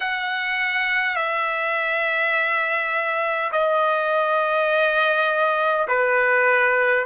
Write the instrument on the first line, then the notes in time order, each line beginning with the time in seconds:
trumpet
0.00 F#5
1.16 E5
3.52 D#5
5.88 B4